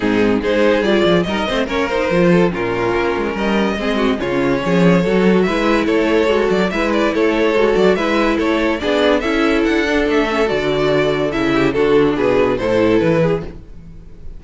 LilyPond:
<<
  \new Staff \with { instrumentName = "violin" } { \time 4/4 \tempo 4 = 143 gis'4 c''4 d''4 dis''4 | cis''8 c''4. ais'2 | dis''2 cis''2~ | cis''4 e''4 cis''4. d''8 |
e''8 d''8 cis''4. d''8 e''4 | cis''4 d''4 e''4 fis''4 | e''4 d''2 e''4 | a'4 b'4 c''4 b'4 | }
  \new Staff \with { instrumentName = "violin" } { \time 4/4 dis'4 gis'2 ais'8 c''8 | ais'4. a'8 f'2 | ais'4 gis'8 fis'8 f'4 gis'4 | a'4 b'4 a'2 |
b'4 a'2 b'4 | a'4 gis'4 a'2~ | a'2.~ a'8 g'8 | fis'4 gis'4 a'4. gis'8 | }
  \new Staff \with { instrumentName = "viola" } { \time 4/4 c'4 dis'4 f'4 dis'8 c'8 | cis'8 dis'8 f'4 cis'2~ | cis'4 c'4 cis'2 | fis'4 e'2 fis'4 |
e'2 fis'4 e'4~ | e'4 d'4 e'4. d'8~ | d'8 cis'8 fis'2 e'4 | d'2 e'2 | }
  \new Staff \with { instrumentName = "cello" } { \time 4/4 gis,4 gis4 g8 f8 g8 a8 | ais4 f4 ais,4 ais8 gis8 | g4 gis4 cis4 f4 | fis4 gis4 a4 gis8 fis8 |
gis4 a4 gis8 fis8 gis4 | a4 b4 cis'4 d'4 | a4 d2 cis4 | d4 b,4 a,4 e4 | }
>>